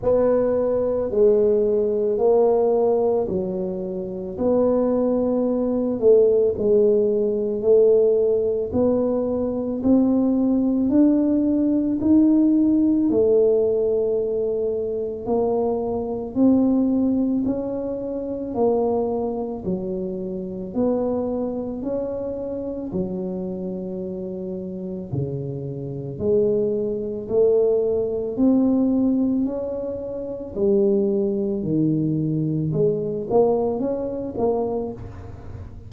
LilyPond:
\new Staff \with { instrumentName = "tuba" } { \time 4/4 \tempo 4 = 55 b4 gis4 ais4 fis4 | b4. a8 gis4 a4 | b4 c'4 d'4 dis'4 | a2 ais4 c'4 |
cis'4 ais4 fis4 b4 | cis'4 fis2 cis4 | gis4 a4 c'4 cis'4 | g4 dis4 gis8 ais8 cis'8 ais8 | }